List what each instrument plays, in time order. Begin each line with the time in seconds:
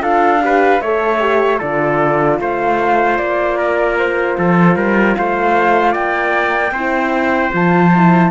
0.00 cello D4, horn F4, trumpet A4, flute F5
0.40 horn G4, trumpet B4
0.81 cello A3, horn A4, trumpet C#5, flute E5
1.20 horn G4
1.58 cello D3, horn F4, trumpet A4, flute D5
2.40 cello A3, trumpet C5, flute F5
3.17 cello A#3, flute D5
3.57 trumpet A#4
3.98 flute C5
4.38 cello F3, trumpet A4
4.76 cello G3, trumpet A#4
5.16 cello A3, trumpet C5, flute F5
5.92 cello A#3, trumpet D5, flute G5
6.71 cello C4, horn E4, trumpet C5
7.52 cello F3, horn F4, flute A5
7.95 horn E4